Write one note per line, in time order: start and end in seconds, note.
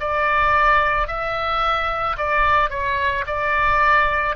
0.00 1.08 D5
1.08 2.17 E5
2.18 2.70 D5
2.70 3.25 C#5
3.27 4.36 D5